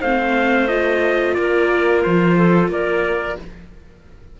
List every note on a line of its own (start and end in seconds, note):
0.00 1.37 A3
0.00 0.68 C4
0.00 1.35 C5
0.00 0.68 F5
0.68 3.38 F4
0.68 1.34 D#5
1.34 2.05 A#3
1.34 2.37 A#4
1.34 2.02 D5
2.03 2.68 F3
2.03 2.71 C5
2.37 2.71 A4
2.68 3.36 A#3
2.68 3.38 A#4
2.68 3.40 D5